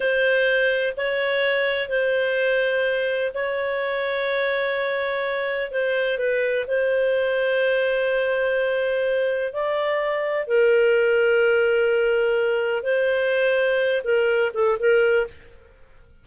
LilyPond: \new Staff \with { instrumentName = "clarinet" } { \time 4/4 \tempo 4 = 126 c''2 cis''2 | c''2. cis''4~ | cis''1 | c''4 b'4 c''2~ |
c''1 | d''2 ais'2~ | ais'2. c''4~ | c''4. ais'4 a'8 ais'4 | }